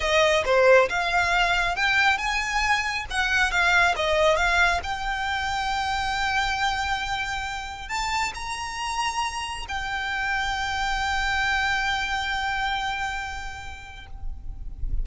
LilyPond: \new Staff \with { instrumentName = "violin" } { \time 4/4 \tempo 4 = 137 dis''4 c''4 f''2 | g''4 gis''2 fis''4 | f''4 dis''4 f''4 g''4~ | g''1~ |
g''2 a''4 ais''4~ | ais''2 g''2~ | g''1~ | g''1 | }